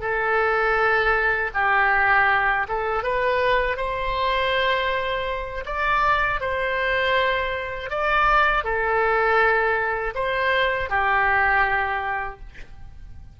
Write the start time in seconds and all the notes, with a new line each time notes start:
0.00 A4
1.54 G4
2.68 A4
3.03 B4
3.77 C5
5.65 D5
6.40 C5
7.90 D5
8.64 A4
10.15 C5
10.90 G4